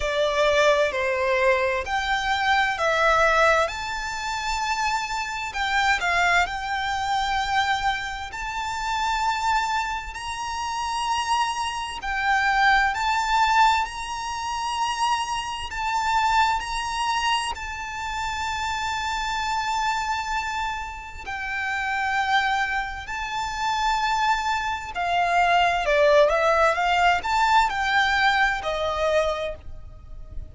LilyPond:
\new Staff \with { instrumentName = "violin" } { \time 4/4 \tempo 4 = 65 d''4 c''4 g''4 e''4 | a''2 g''8 f''8 g''4~ | g''4 a''2 ais''4~ | ais''4 g''4 a''4 ais''4~ |
ais''4 a''4 ais''4 a''4~ | a''2. g''4~ | g''4 a''2 f''4 | d''8 e''8 f''8 a''8 g''4 dis''4 | }